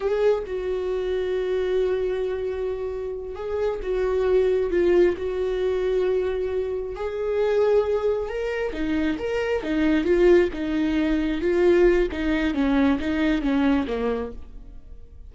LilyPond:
\new Staff \with { instrumentName = "viola" } { \time 4/4 \tempo 4 = 134 gis'4 fis'2.~ | fis'2.~ fis'8 gis'8~ | gis'8 fis'2 f'4 fis'8~ | fis'2.~ fis'8 gis'8~ |
gis'2~ gis'8 ais'4 dis'8~ | dis'8 ais'4 dis'4 f'4 dis'8~ | dis'4. f'4. dis'4 | cis'4 dis'4 cis'4 ais4 | }